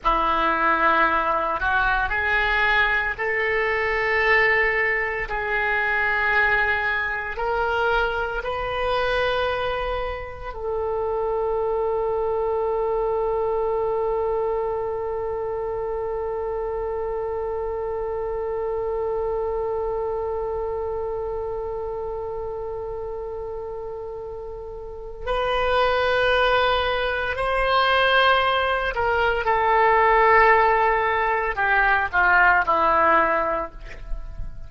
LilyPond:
\new Staff \with { instrumentName = "oboe" } { \time 4/4 \tempo 4 = 57 e'4. fis'8 gis'4 a'4~ | a'4 gis'2 ais'4 | b'2 a'2~ | a'1~ |
a'1~ | a'1 | b'2 c''4. ais'8 | a'2 g'8 f'8 e'4 | }